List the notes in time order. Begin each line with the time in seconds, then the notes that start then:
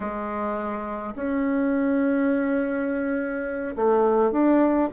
0.00 G#3
1.15 C#4
3.76 A3
4.31 D4